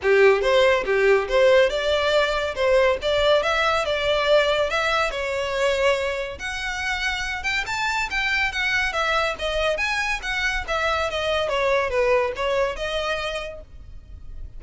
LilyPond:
\new Staff \with { instrumentName = "violin" } { \time 4/4 \tempo 4 = 141 g'4 c''4 g'4 c''4 | d''2 c''4 d''4 | e''4 d''2 e''4 | cis''2. fis''4~ |
fis''4. g''8 a''4 g''4 | fis''4 e''4 dis''4 gis''4 | fis''4 e''4 dis''4 cis''4 | b'4 cis''4 dis''2 | }